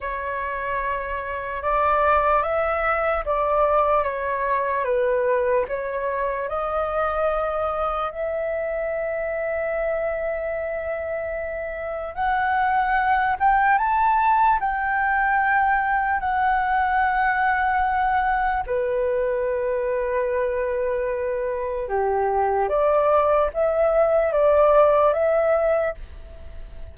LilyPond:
\new Staff \with { instrumentName = "flute" } { \time 4/4 \tempo 4 = 74 cis''2 d''4 e''4 | d''4 cis''4 b'4 cis''4 | dis''2 e''2~ | e''2. fis''4~ |
fis''8 g''8 a''4 g''2 | fis''2. b'4~ | b'2. g'4 | d''4 e''4 d''4 e''4 | }